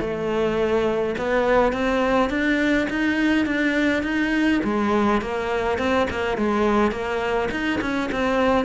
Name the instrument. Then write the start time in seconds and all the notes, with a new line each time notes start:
cello
0.00 A3
1.18 B3
1.72 C4
2.30 D4
2.90 D#4
3.46 D4
4.03 D#4
4.64 G#3
5.21 A#3
5.78 C4
6.10 A#3
6.37 G#3
6.91 A#3
7.51 D#4
7.81 C#4
8.12 C4